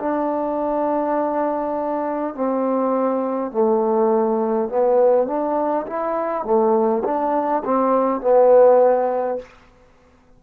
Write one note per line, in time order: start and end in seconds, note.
0.00 2.35 D4
2.35 3.52 C4
3.52 4.70 A3
4.70 5.28 B3
5.28 5.87 D4
5.87 6.44 E4
6.44 7.03 A3
7.05 7.64 D4
7.65 8.21 C4
8.21 9.39 B3